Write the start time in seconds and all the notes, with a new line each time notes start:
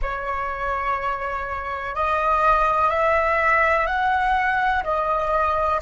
0.01 C#5
1.95 D#5
2.89 E5
3.86 F#5
4.83 D#5